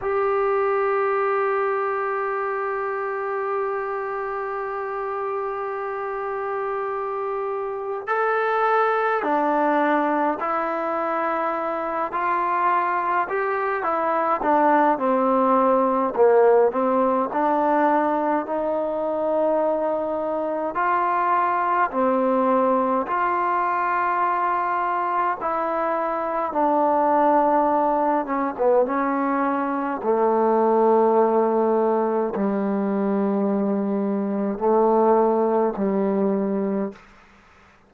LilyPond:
\new Staff \with { instrumentName = "trombone" } { \time 4/4 \tempo 4 = 52 g'1~ | g'2. a'4 | d'4 e'4. f'4 g'8 | e'8 d'8 c'4 ais8 c'8 d'4 |
dis'2 f'4 c'4 | f'2 e'4 d'4~ | d'8 cis'16 b16 cis'4 a2 | g2 a4 g4 | }